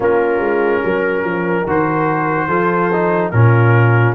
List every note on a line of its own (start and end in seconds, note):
0.00 0.39 A#3
0.00 1.67 C#4
0.00 0.82 F4
0.00 1.69 A#4
0.39 0.81 G#3
0.84 1.24 F#3
0.84 2.47 A#4
1.24 1.66 F3
1.66 2.47 D#3
1.66 2.49 F#4
1.66 3.30 C5
2.47 3.30 F3
2.47 2.91 F4
2.47 3.31 A4
2.92 3.33 D#4
3.30 4.15 A#2
3.30 4.15 C#4
3.30 4.15 F4
3.30 4.14 A#4